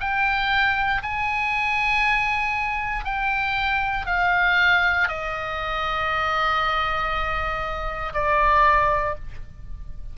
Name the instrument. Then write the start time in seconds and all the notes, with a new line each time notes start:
oboe
0.00 G5
1.02 G#5
3.04 G5
4.06 F5
5.08 D#5
8.13 D5